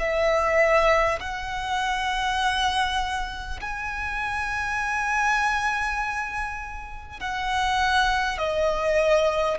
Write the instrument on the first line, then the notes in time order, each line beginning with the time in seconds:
violin
0.00 E5
1.21 F#5
3.62 G#5
7.21 F#5
8.39 D#5